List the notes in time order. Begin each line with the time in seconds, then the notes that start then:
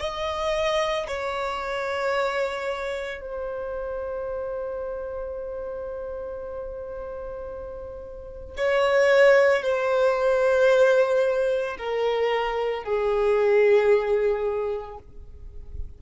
0.00 D#5
1.08 C#5
3.21 C5
8.57 C#5
9.63 C5
11.79 A#4
12.84 G#4